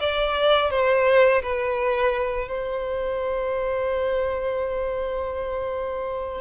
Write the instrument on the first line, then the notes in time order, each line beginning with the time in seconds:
violin
0.00 D5
0.70 C5
1.43 B4
2.48 C5